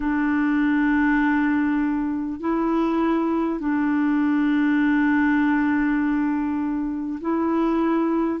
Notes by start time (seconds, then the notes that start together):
0.00 D4
2.40 E4
3.59 D4
7.20 E4